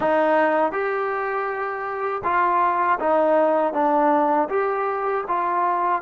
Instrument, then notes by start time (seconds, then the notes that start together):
trombone
0.00 D#4
0.72 G4
2.24 F4
2.99 D#4
3.73 D4
4.49 G4
5.28 F4